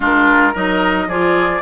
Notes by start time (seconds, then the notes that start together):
0.00 G#3 D4 F4 A#4
0.53 F#3 D#4 A#4 D#5
1.07 F3 F4 G#4 D5